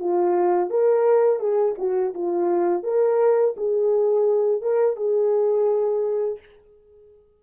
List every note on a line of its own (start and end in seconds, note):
0.00 0.70 F4
0.70 1.40 A#4
1.40 1.75 G#4
1.78 2.14 F#4
2.14 2.83 F4
2.83 3.55 A#4
3.57 4.62 G#4
4.62 4.96 A#4
4.96 6.39 G#4